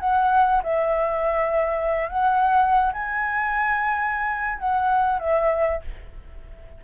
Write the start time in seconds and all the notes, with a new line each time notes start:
0.00 F#5
0.64 E5
2.09 F#5
2.93 G#5
4.59 F#5
5.20 E5